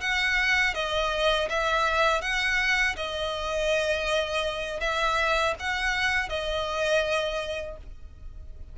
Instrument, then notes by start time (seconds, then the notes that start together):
violin
0.00 F#5
0.74 D#5
1.49 E5
2.21 F#5
2.96 D#5
4.80 E5
5.59 F#5
6.29 D#5